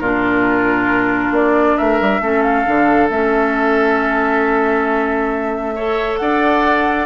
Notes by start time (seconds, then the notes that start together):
0.00 A#2 D4 F4 A#4
1.31 A#3 D5
1.77 A3 A#4 E5
2.01 G3
2.21 A3 C#4 A4
2.42 F5
2.66 D3 D4
3.10 A3 C#4 E5
5.75 A4 C#5
6.18 D4 D5 F#5